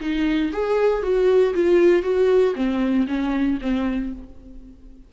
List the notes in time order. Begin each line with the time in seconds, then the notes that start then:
0.00 D#4
0.52 G#4
1.02 F#4
1.54 F4
2.02 F#4
2.55 C4
3.07 C#4
3.61 C4